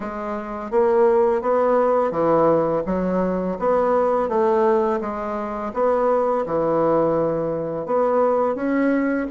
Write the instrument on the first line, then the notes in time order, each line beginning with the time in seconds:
bassoon
0.00 G#3
0.70 A#3
1.41 B3
2.11 E3
2.86 F#3
3.59 B3
4.28 A3
5.00 G#3
5.73 B3
6.45 E3
7.86 B3
8.55 C#4